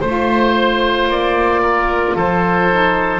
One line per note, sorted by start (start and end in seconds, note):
0.00 1.07 A3
0.00 2.70 F4
0.00 1.61 C5
0.00 1.07 C5
1.07 2.15 A#3
1.07 2.17 D5
1.62 2.15 A#4
2.15 3.20 F3
2.15 3.20 A4
2.15 3.20 C5
2.70 3.20 D#4